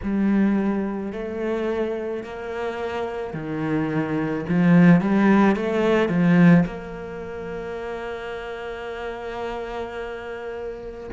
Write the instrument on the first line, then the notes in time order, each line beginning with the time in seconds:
cello
0.03 G3
1.12 A3
2.23 A#3
3.33 D#3
4.48 F3
5.01 G3
5.56 A3
6.09 F3
6.65 A#3